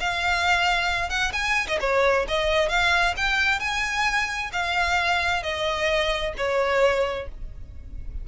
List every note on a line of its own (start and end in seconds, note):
0.00 1.10 F5
1.10 1.32 F#5
1.33 1.67 G#5
1.68 1.79 D#5
1.81 2.26 C#5
2.28 2.69 D#5
2.69 3.14 F5
3.17 3.60 G5
3.60 4.51 G#5
4.52 5.43 F5
5.43 6.34 D#5
6.37 7.28 C#5